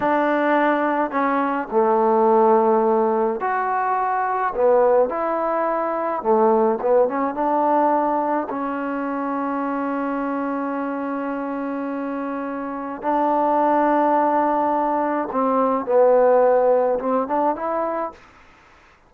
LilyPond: \new Staff \with { instrumentName = "trombone" } { \time 4/4 \tempo 4 = 106 d'2 cis'4 a4~ | a2 fis'2 | b4 e'2 a4 | b8 cis'8 d'2 cis'4~ |
cis'1~ | cis'2. d'4~ | d'2. c'4 | b2 c'8 d'8 e'4 | }